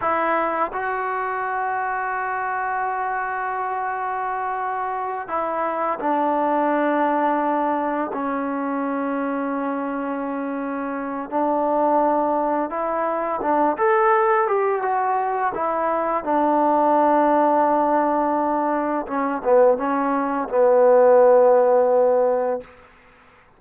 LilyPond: \new Staff \with { instrumentName = "trombone" } { \time 4/4 \tempo 4 = 85 e'4 fis'2.~ | fis'2.~ fis'8 e'8~ | e'8 d'2. cis'8~ | cis'1 |
d'2 e'4 d'8 a'8~ | a'8 g'8 fis'4 e'4 d'4~ | d'2. cis'8 b8 | cis'4 b2. | }